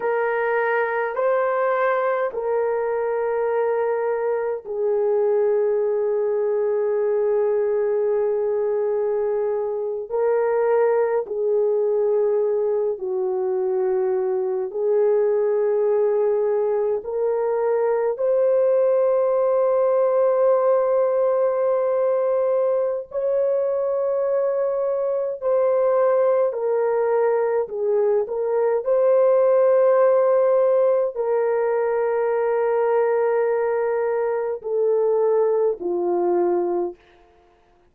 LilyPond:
\new Staff \with { instrumentName = "horn" } { \time 4/4 \tempo 4 = 52 ais'4 c''4 ais'2 | gis'1~ | gis'8. ais'4 gis'4. fis'8.~ | fis'8. gis'2 ais'4 c''16~ |
c''1 | cis''2 c''4 ais'4 | gis'8 ais'8 c''2 ais'4~ | ais'2 a'4 f'4 | }